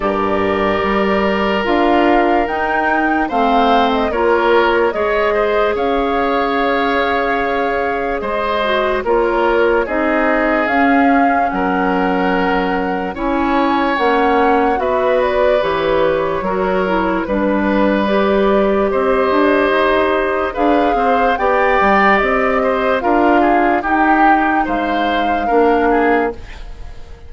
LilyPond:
<<
  \new Staff \with { instrumentName = "flute" } { \time 4/4 \tempo 4 = 73 d''2 f''4 g''4 | f''8. dis''16 cis''4 dis''4 f''4~ | f''2 dis''4 cis''4 | dis''4 f''4 fis''2 |
gis''4 fis''4 e''8 d''8 cis''4~ | cis''4 b'4 d''4 dis''4~ | dis''4 f''4 g''4 dis''4 | f''4 g''4 f''2 | }
  \new Staff \with { instrumentName = "oboe" } { \time 4/4 ais'1 | c''4 ais'4 cis''8 c''8 cis''4~ | cis''2 c''4 ais'4 | gis'2 ais'2 |
cis''2 b'2 | ais'4 b'2 c''4~ | c''4 b'8 c''8 d''4. c''8 | ais'8 gis'8 g'4 c''4 ais'8 gis'8 | }
  \new Staff \with { instrumentName = "clarinet" } { \time 4/4 g'2 f'4 dis'4 | c'4 f'4 gis'2~ | gis'2~ gis'8 fis'8 f'4 | dis'4 cis'2. |
e'4 cis'4 fis'4 g'4 | fis'8 e'8 d'4 g'2~ | g'4 gis'4 g'2 | f'4 dis'2 d'4 | }
  \new Staff \with { instrumentName = "bassoon" } { \time 4/4 g,4 g4 d'4 dis'4 | a4 ais4 gis4 cis'4~ | cis'2 gis4 ais4 | c'4 cis'4 fis2 |
cis'4 ais4 b4 e4 | fis4 g2 c'8 d'8 | dis'4 d'8 c'8 b8 g8 c'4 | d'4 dis'4 gis4 ais4 | }
>>